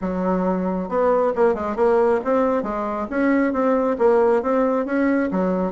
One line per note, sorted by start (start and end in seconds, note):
0.01 0.88 F#3
0.88 1.32 B3
1.35 1.54 A#3
1.54 1.76 G#3
1.76 2.20 A#3
2.24 2.62 C4
2.62 3.07 G#3
3.10 3.53 C#4
3.53 3.97 C4
3.98 4.42 A#3
4.42 4.85 C4
4.85 5.29 C#4
5.31 5.72 F#3